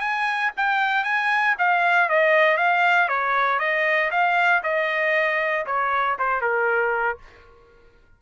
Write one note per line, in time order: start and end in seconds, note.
0.00 0.51 G#5
0.57 1.04 G5
1.04 1.55 G#5
1.58 2.09 F5
2.09 2.57 D#5
2.57 3.08 F5
3.08 3.59 C#5
3.59 4.10 D#5
4.11 4.62 F5
4.63 5.65 D#5
5.66 6.17 C#5
6.19 6.41 C5
6.41 7.18 A#4